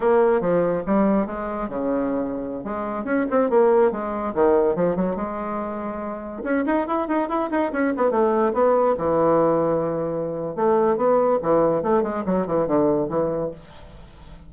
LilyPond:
\new Staff \with { instrumentName = "bassoon" } { \time 4/4 \tempo 4 = 142 ais4 f4 g4 gis4 | cis2~ cis16 gis4 cis'8 c'16~ | c'16 ais4 gis4 dis4 f8 fis16~ | fis16 gis2. cis'8 dis'16~ |
dis'16 e'8 dis'8 e'8 dis'8 cis'8 b8 a8.~ | a16 b4 e2~ e8.~ | e4 a4 b4 e4 | a8 gis8 fis8 e8 d4 e4 | }